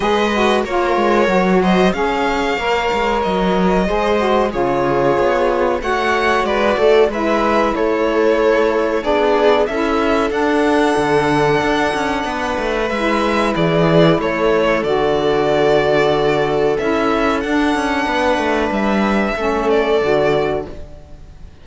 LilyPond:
<<
  \new Staff \with { instrumentName = "violin" } { \time 4/4 \tempo 4 = 93 dis''4 cis''4. dis''8 f''4~ | f''4 dis''2 cis''4~ | cis''4 fis''4 d''4 e''4 | cis''2 d''4 e''4 |
fis''1 | e''4 d''4 cis''4 d''4~ | d''2 e''4 fis''4~ | fis''4 e''4. d''4. | }
  \new Staff \with { instrumentName = "viola" } { \time 4/4 b'4 ais'4. c''8 cis''4~ | cis''2 c''4 gis'4~ | gis'4 cis''4 b'8 a'8 b'4 | a'2 gis'4 a'4~ |
a'2. b'4~ | b'4 gis'4 a'2~ | a'1 | b'2 a'2 | }
  \new Staff \with { instrumentName = "saxophone" } { \time 4/4 gis'8 fis'8 f'4 fis'4 gis'4 | ais'2 gis'8 fis'8 f'4~ | f'4 fis'2 e'4~ | e'2 d'4 e'4 |
d'1 | e'2. fis'4~ | fis'2 e'4 d'4~ | d'2 cis'4 fis'4 | }
  \new Staff \with { instrumentName = "cello" } { \time 4/4 gis4 ais8 gis8 fis4 cis'4 | ais8 gis8 fis4 gis4 cis4 | b4 a4 gis8 a8 gis4 | a2 b4 cis'4 |
d'4 d4 d'8 cis'8 b8 a8 | gis4 e4 a4 d4~ | d2 cis'4 d'8 cis'8 | b8 a8 g4 a4 d4 | }
>>